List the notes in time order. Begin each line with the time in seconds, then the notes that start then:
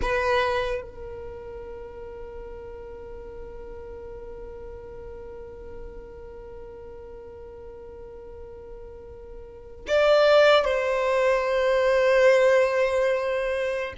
0.01 B4
0.81 A#4
9.87 D5
10.64 C5